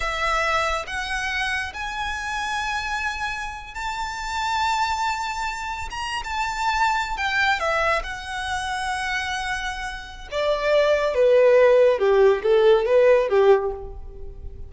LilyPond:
\new Staff \with { instrumentName = "violin" } { \time 4/4 \tempo 4 = 140 e''2 fis''2 | gis''1~ | gis''8. a''2.~ a''16~ | a''4.~ a''16 ais''8. a''4.~ |
a''8. g''4 e''4 fis''4~ fis''16~ | fis''1 | d''2 b'2 | g'4 a'4 b'4 g'4 | }